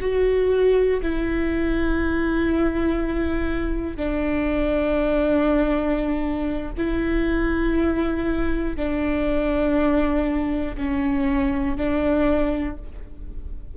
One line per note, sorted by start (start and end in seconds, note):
0.00 1.00 F#4
1.02 3.96 E4
3.96 6.71 D4
6.77 8.76 E4
8.76 10.76 D4
10.77 11.76 C#4
11.76 12.76 D4